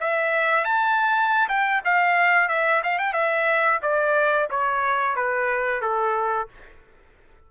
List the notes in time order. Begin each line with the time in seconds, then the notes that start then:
0.00 E5
0.65 A5
1.48 G5
1.84 F5
2.48 E5
2.83 F5
2.98 G5
3.13 E5
3.82 D5
4.50 C#5
5.15 B4
5.81 A4